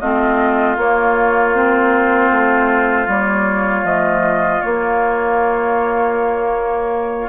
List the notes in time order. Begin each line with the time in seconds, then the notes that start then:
0.00 A3 C4 F4 D#5
0.77 A#3 C#5
1.54 C4 C5
2.32 A3
3.08 G3 A#3 C#5
3.84 F3 A3 D#5
4.62 A#3 C#5